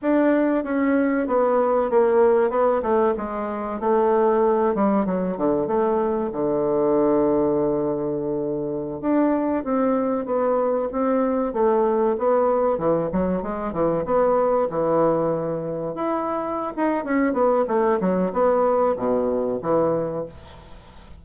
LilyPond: \new Staff \with { instrumentName = "bassoon" } { \time 4/4 \tempo 4 = 95 d'4 cis'4 b4 ais4 | b8 a8 gis4 a4. g8 | fis8 d8 a4 d2~ | d2~ d16 d'4 c'8.~ |
c'16 b4 c'4 a4 b8.~ | b16 e8 fis8 gis8 e8 b4 e8.~ | e4~ e16 e'4~ e'16 dis'8 cis'8 b8 | a8 fis8 b4 b,4 e4 | }